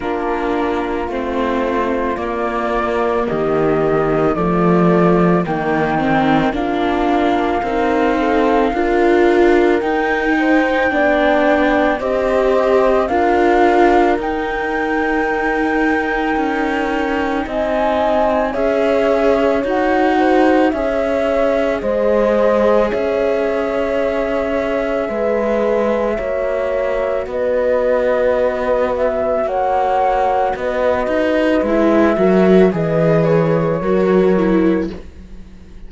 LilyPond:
<<
  \new Staff \with { instrumentName = "flute" } { \time 4/4 \tempo 4 = 55 ais'4 c''4 d''4 dis''4 | d''4 g''4 f''2~ | f''4 g''2 dis''4 | f''4 g''2. |
gis''4 e''4 fis''4 e''4 | dis''4 e''2.~ | e''4 dis''4. e''8 fis''4 | dis''4 e''4 dis''8 cis''4. | }
  \new Staff \with { instrumentName = "horn" } { \time 4/4 f'2. g'4 | f'4 dis'4 f'4 ais'8 a'8 | ais'4. c''8 d''4 c''4 | ais'1 |
dis''4 cis''4. c''8 cis''4 | c''4 cis''2 b'4 | cis''4 b'2 cis''4 | b'4. ais'8 b'4 ais'4 | }
  \new Staff \with { instrumentName = "viola" } { \time 4/4 d'4 c'4 ais2 | a4 ais8 c'8 d'4 dis'4 | f'4 dis'4 d'4 g'4 | f'4 dis'2.~ |
dis'4 gis'4 fis'4 gis'4~ | gis'1 | fis'1~ | fis'4 e'8 fis'8 gis'4 fis'8 e'8 | }
  \new Staff \with { instrumentName = "cello" } { \time 4/4 ais4 a4 ais4 dis4 | f4 dis4 ais4 c'4 | d'4 dis'4 b4 c'4 | d'4 dis'2 cis'4 |
c'4 cis'4 dis'4 cis'4 | gis4 cis'2 gis4 | ais4 b2 ais4 | b8 dis'8 gis8 fis8 e4 fis4 | }
>>